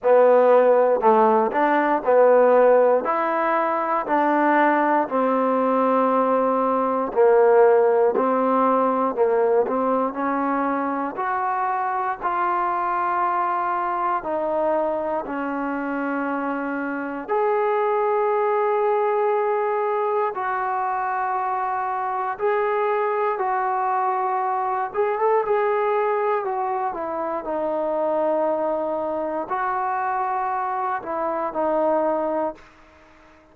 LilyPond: \new Staff \with { instrumentName = "trombone" } { \time 4/4 \tempo 4 = 59 b4 a8 d'8 b4 e'4 | d'4 c'2 ais4 | c'4 ais8 c'8 cis'4 fis'4 | f'2 dis'4 cis'4~ |
cis'4 gis'2. | fis'2 gis'4 fis'4~ | fis'8 gis'16 a'16 gis'4 fis'8 e'8 dis'4~ | dis'4 fis'4. e'8 dis'4 | }